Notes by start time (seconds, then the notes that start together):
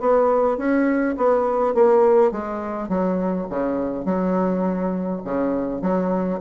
0.00 B3
0.57 C#4
1.17 B3
1.74 A#3
2.31 G#3
2.89 F#3
3.50 C#3
4.05 F#3
5.24 C#3
5.81 F#3